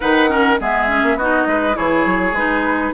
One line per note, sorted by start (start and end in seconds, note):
0.00 0.60 D#3
0.00 0.28 D#4
0.00 0.30 B4
0.00 0.57 F#5
0.28 0.57 C#4
0.28 0.59 A#4
0.60 1.02 G#3
0.60 0.88 B3
0.60 1.17 G#4
0.60 1.18 E5
0.88 1.17 C#4
1.02 1.15 A#3
1.15 1.44 B3
1.15 1.73 D#4
1.15 1.47 F#4
1.15 1.76 D#5
1.46 1.75 G#3
1.46 1.76 B4
1.73 2.05 E3
1.73 2.32 E4
1.73 2.93 G#4
1.73 2.34 C#5
2.05 2.32 F#3
2.32 2.91 G#3
2.32 2.93 D#4
2.32 2.93 B4